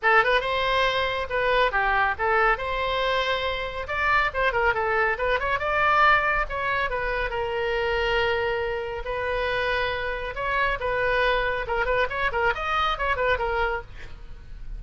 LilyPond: \new Staff \with { instrumentName = "oboe" } { \time 4/4 \tempo 4 = 139 a'8 b'8 c''2 b'4 | g'4 a'4 c''2~ | c''4 d''4 c''8 ais'8 a'4 | b'8 cis''8 d''2 cis''4 |
b'4 ais'2.~ | ais'4 b'2. | cis''4 b'2 ais'8 b'8 | cis''8 ais'8 dis''4 cis''8 b'8 ais'4 | }